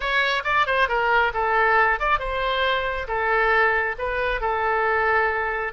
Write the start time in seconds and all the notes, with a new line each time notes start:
0.00 C#5
0.44 D5
0.66 C5
0.88 A#4
1.33 A4
1.99 D5
2.19 C5
3.07 A4
3.98 B4
4.40 A4